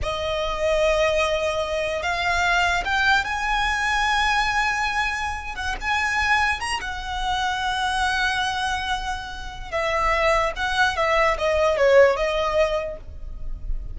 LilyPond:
\new Staff \with { instrumentName = "violin" } { \time 4/4 \tempo 4 = 148 dis''1~ | dis''4 f''2 g''4 | gis''1~ | gis''4.~ gis''16 fis''8 gis''4.~ gis''16~ |
gis''16 ais''8 fis''2.~ fis''16~ | fis''1 | e''2 fis''4 e''4 | dis''4 cis''4 dis''2 | }